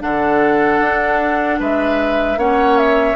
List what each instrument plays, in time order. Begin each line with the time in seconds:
0.00 bassoon D3, clarinet D4, oboe A4, flute F#5
0.80 bassoon D4
1.59 bassoon G#3, oboe B4, flute E5
2.36 bassoon A#3, clarinet C#4, oboe C#5, flute F#5
2.77 flute E5